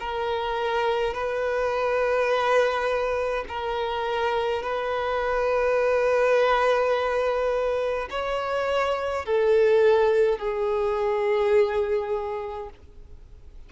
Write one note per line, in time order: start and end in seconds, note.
0.00 1.14 A#4
1.14 3.45 B4
3.48 4.63 A#4
4.63 8.09 B4
8.10 9.25 C#5
9.25 10.39 A4
10.39 12.70 G#4